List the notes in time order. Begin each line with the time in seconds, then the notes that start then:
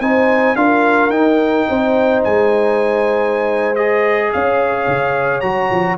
0.00 C4 D#4 C5 G#5
0.55 D4 F4 A#4 F5
1.09 D#4 G5
1.69 C4 C5
2.23 G#3 G#5
3.75 G#4 D#5
4.32 C#4 C#5 F5
4.87 C#3
5.40 F#3 F#4 A#5
5.70 F3